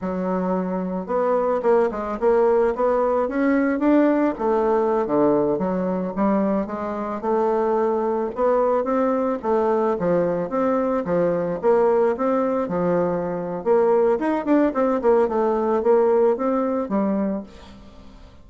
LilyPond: \new Staff \with { instrumentName = "bassoon" } { \time 4/4 \tempo 4 = 110 fis2 b4 ais8 gis8 | ais4 b4 cis'4 d'4 | a4~ a16 d4 fis4 g8.~ | g16 gis4 a2 b8.~ |
b16 c'4 a4 f4 c'8.~ | c'16 f4 ais4 c'4 f8.~ | f4 ais4 dis'8 d'8 c'8 ais8 | a4 ais4 c'4 g4 | }